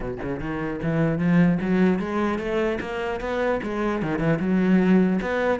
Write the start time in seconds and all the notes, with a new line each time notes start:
0.00 B2
0.22 C#3
0.39 D#3
0.82 E3
1.18 F3
1.61 F#3
1.99 G#3
2.38 A3
2.80 A#3
3.20 B3
3.62 G#3
4.02 D#3
4.19 E3
4.39 F#3
5.21 B3